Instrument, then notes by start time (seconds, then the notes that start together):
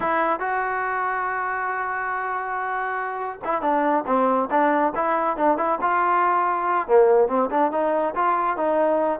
trombone
0.00 E4
0.39 F#4
3.44 E4
3.61 D4
4.06 C4
4.50 D4
4.95 E4
5.36 D4
5.57 E4
5.81 F4
6.87 A#3
7.28 C4
7.50 D4
7.71 D#4
8.15 F4
8.56 D#4